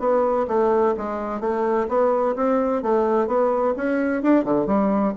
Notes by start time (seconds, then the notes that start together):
0.00 B3
0.48 A3
0.98 G#3
1.41 A3
1.89 B3
2.36 C4
2.83 A3
3.27 B3
3.77 C#4
4.23 D4
4.45 D3
4.67 G3